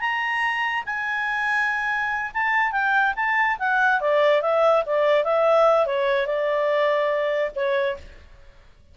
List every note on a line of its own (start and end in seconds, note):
0.00 0.83 A#5
0.85 2.31 G#5
2.33 2.72 A5
2.72 3.13 G5
3.16 3.57 A5
3.59 4.00 F#5
4.00 4.41 D5
4.41 4.83 E5
4.86 5.24 D5
5.24 5.86 E5
5.86 6.26 C#5
6.26 7.51 D5
7.55 7.96 C#5